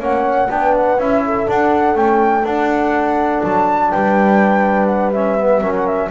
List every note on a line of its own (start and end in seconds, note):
0.00 0.49 A#3
0.00 0.49 C#4
0.00 0.49 C#5
0.00 0.51 F#5
0.50 0.99 B3
0.50 0.98 D4
0.50 1.26 B4
0.50 0.76 G5
0.77 1.00 F#5
0.99 1.47 C#4
0.99 1.47 E4
0.99 1.49 E5
1.26 3.92 A4
1.47 1.96 D4
1.47 1.95 D4
1.47 1.97 F#5
1.95 2.44 A3
1.95 2.45 C#4
1.95 2.46 G5
2.44 3.42 D4
2.44 5.15 D4
2.44 3.43 F#5
3.43 3.92 F#3
3.43 3.92 A5
3.92 5.62 G3
3.92 5.62 B4
3.92 4.87 G5
4.87 5.11 F#5
5.13 5.39 C#4
5.13 5.74 E5
5.39 5.62 B3
5.62 6.11 F#3
5.62 6.11 C#4
5.62 6.11 A#4
5.77 5.87 F#5
5.87 6.11 E5